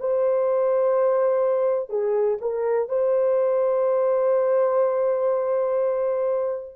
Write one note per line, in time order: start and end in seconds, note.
0.00 1.90 C5
1.90 2.38 G#4
2.41 2.89 A#4
2.89 6.76 C5